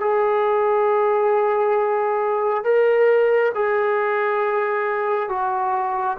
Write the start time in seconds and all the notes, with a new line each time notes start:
0.00 G#4
2.64 A#4
3.54 G#4
5.29 F#4